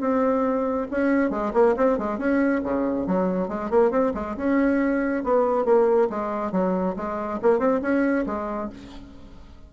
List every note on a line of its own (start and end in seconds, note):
0.00 0.87 C4
0.91 1.30 C#4
1.30 1.52 G#3
1.53 1.75 A#3
1.76 1.98 C4
1.98 2.18 G#3
2.18 2.61 C#4
2.63 3.07 C#3
3.07 3.48 F#3
3.48 3.70 G#3
3.70 3.91 A#3
3.91 4.12 C4
4.14 4.36 G#3
4.37 5.24 C#4
5.24 5.65 B3
5.65 6.08 A#3
6.10 6.52 G#3
6.52 6.95 F#3
6.96 7.40 G#3
7.42 7.59 A#3
7.59 7.81 C4
7.82 8.25 C#4
8.26 8.70 G#3